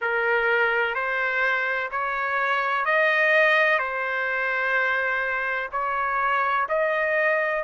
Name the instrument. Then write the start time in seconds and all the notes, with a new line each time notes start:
trumpet
0.01 A#4
0.94 C5
1.90 C#5
2.85 D#5
3.78 C5
5.71 C#5
6.68 D#5